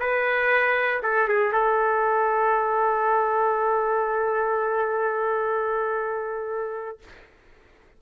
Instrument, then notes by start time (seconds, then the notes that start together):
trumpet
0.00 B4
1.03 A4
1.28 G#4
1.53 A4